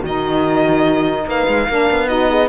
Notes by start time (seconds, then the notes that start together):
0.00 D#3 D#4 F#4 D#5
1.26 A#3 B4 F5
1.48 G#3
1.68 A#3 D4 A#4
1.90 B3
2.08 D#4 F#4 D#5
2.29 G#4